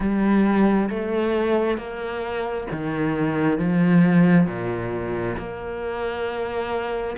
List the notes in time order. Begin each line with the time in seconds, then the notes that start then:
0.00 G3
0.89 A3
1.77 A#3
2.71 D#3
3.58 F3
4.47 A#2
5.37 A#3